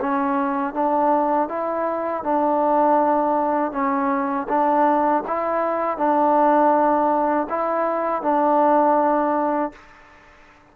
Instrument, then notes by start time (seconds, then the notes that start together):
trombone
0.00 C#4
0.74 D4
1.49 E4
2.23 D4
3.72 C#4
4.48 D4
5.27 E4
5.97 D4
7.49 E4
8.22 D4